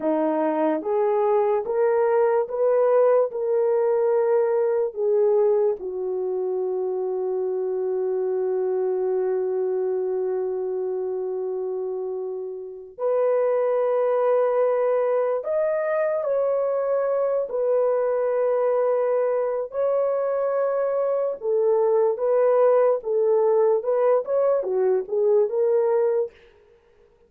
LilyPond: \new Staff \with { instrumentName = "horn" } { \time 4/4 \tempo 4 = 73 dis'4 gis'4 ais'4 b'4 | ais'2 gis'4 fis'4~ | fis'1~ | fis'2.~ fis'8. b'16~ |
b'2~ b'8. dis''4 cis''16~ | cis''4~ cis''16 b'2~ b'8. | cis''2 a'4 b'4 | a'4 b'8 cis''8 fis'8 gis'8 ais'4 | }